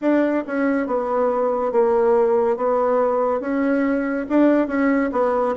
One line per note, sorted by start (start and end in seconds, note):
0.01 0.44 D4
0.46 0.86 C#4
0.86 1.71 B3
1.71 2.56 A#3
2.56 3.40 B3
3.40 4.26 C#4
4.29 4.67 D4
4.67 5.10 C#4
5.12 5.55 B3